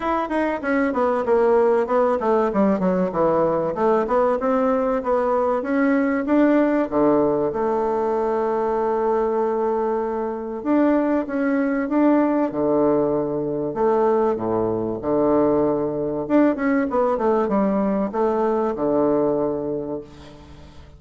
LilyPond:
\new Staff \with { instrumentName = "bassoon" } { \time 4/4 \tempo 4 = 96 e'8 dis'8 cis'8 b8 ais4 b8 a8 | g8 fis8 e4 a8 b8 c'4 | b4 cis'4 d'4 d4 | a1~ |
a4 d'4 cis'4 d'4 | d2 a4 a,4 | d2 d'8 cis'8 b8 a8 | g4 a4 d2 | }